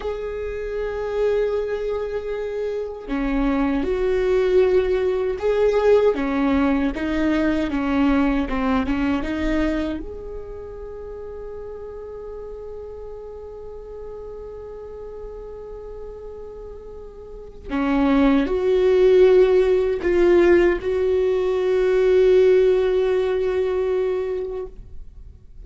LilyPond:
\new Staff \with { instrumentName = "viola" } { \time 4/4 \tempo 4 = 78 gis'1 | cis'4 fis'2 gis'4 | cis'4 dis'4 cis'4 c'8 cis'8 | dis'4 gis'2.~ |
gis'1~ | gis'2. cis'4 | fis'2 f'4 fis'4~ | fis'1 | }